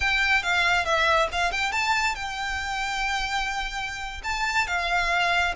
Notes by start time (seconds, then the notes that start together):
0.00 G5
0.42 F5
0.85 E5
1.32 F5
1.51 G5
1.72 A5
2.15 G5
4.23 A5
4.67 F5